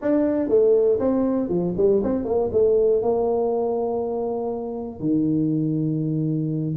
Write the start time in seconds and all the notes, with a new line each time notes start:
0.01 D4
0.48 A3
0.99 C4
1.49 F3
1.77 G3
2.03 C4
2.24 A#3
2.52 A3
3.01 A#3
5.00 D#3